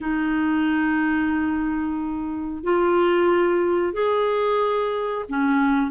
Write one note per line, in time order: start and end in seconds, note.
0.00 2.63 D#4
2.63 3.93 F4
3.93 5.25 G#4
5.28 5.91 C#4